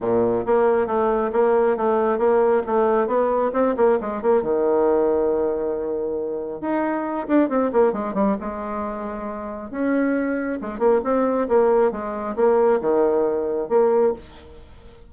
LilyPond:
\new Staff \with { instrumentName = "bassoon" } { \time 4/4 \tempo 4 = 136 ais,4 ais4 a4 ais4 | a4 ais4 a4 b4 | c'8 ais8 gis8 ais8 dis2~ | dis2. dis'4~ |
dis'8 d'8 c'8 ais8 gis8 g8 gis4~ | gis2 cis'2 | gis8 ais8 c'4 ais4 gis4 | ais4 dis2 ais4 | }